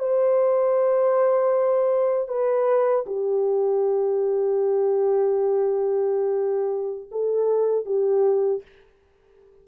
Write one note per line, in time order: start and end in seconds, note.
0.00 2.29 C5
2.29 3.06 B4
3.07 7.10 G4
7.12 7.86 A4
7.86 8.63 G4